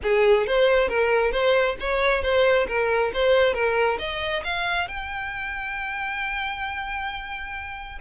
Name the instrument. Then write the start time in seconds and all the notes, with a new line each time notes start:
violin
0.02 G#4
0.46 C5
0.88 A#4
1.31 C5
1.80 C#5
2.22 C5
2.67 A#4
3.13 C5
3.53 A#4
3.98 D#5
4.44 F5
4.87 G5